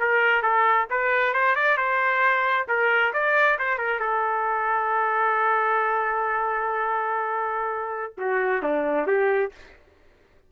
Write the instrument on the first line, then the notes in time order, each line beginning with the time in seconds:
trumpet
0.00 A#4
0.43 A4
0.90 B4
1.34 C5
1.56 D5
1.77 C5
2.68 A#4
3.13 D5
3.59 C5
3.78 A#4
4.00 A4
8.18 F#4
8.63 D4
9.07 G4